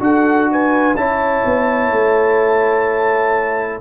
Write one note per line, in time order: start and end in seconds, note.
0.00 0.96 D4
0.00 0.95 F#4
0.00 0.51 A4
0.00 0.50 F#5
0.52 0.99 B4
0.52 0.97 G#5
0.96 1.44 C#4
0.96 3.81 E4
0.96 3.81 C#5
0.96 3.81 A5
1.46 1.92 B3
1.92 3.81 A3